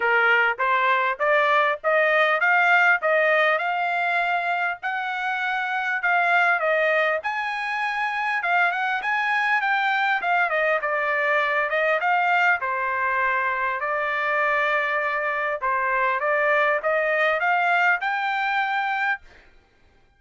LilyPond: \new Staff \with { instrumentName = "trumpet" } { \time 4/4 \tempo 4 = 100 ais'4 c''4 d''4 dis''4 | f''4 dis''4 f''2 | fis''2 f''4 dis''4 | gis''2 f''8 fis''8 gis''4 |
g''4 f''8 dis''8 d''4. dis''8 | f''4 c''2 d''4~ | d''2 c''4 d''4 | dis''4 f''4 g''2 | }